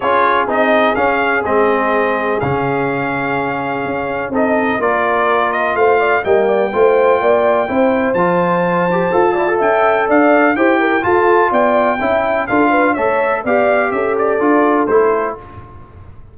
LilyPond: <<
  \new Staff \with { instrumentName = "trumpet" } { \time 4/4 \tempo 4 = 125 cis''4 dis''4 f''4 dis''4~ | dis''4 f''2.~ | f''4 dis''4 d''4. dis''8 | f''4 g''2.~ |
g''4 a''2. | g''4 f''4 g''4 a''4 | g''2 f''4 e''4 | f''4 e''8 d''4. c''4 | }
  \new Staff \with { instrumentName = "horn" } { \time 4/4 gis'1~ | gis'1~ | gis'4 a'4 ais'2 | c''8 d''8 dis''8 d''8 c''4 d''4 |
c''2.~ c''8 d''8 | e''4 d''4 c''8 ais'8 a'4 | d''4 e''4 a'8 b'8 cis''4 | d''4 a'2. | }
  \new Staff \with { instrumentName = "trombone" } { \time 4/4 f'4 dis'4 cis'4 c'4~ | c'4 cis'2.~ | cis'4 dis'4 f'2~ | f'4 ais4 f'2 |
e'4 f'4. g'8 a'8 e'16 a'16~ | a'2 g'4 f'4~ | f'4 e'4 f'4 a'4 | g'2 f'4 e'4 | }
  \new Staff \with { instrumentName = "tuba" } { \time 4/4 cis'4 c'4 cis'4 gis4~ | gis4 cis2. | cis'4 c'4 ais2 | a4 g4 a4 ais4 |
c'4 f2 f'4 | cis'4 d'4 e'4 f'4 | b4 cis'4 d'4 a4 | b4 cis'4 d'4 a4 | }
>>